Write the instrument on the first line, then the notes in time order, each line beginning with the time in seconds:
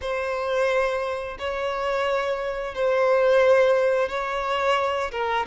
violin
0.01 C5
1.39 C#5
2.74 C5
4.08 C#5
5.11 A#4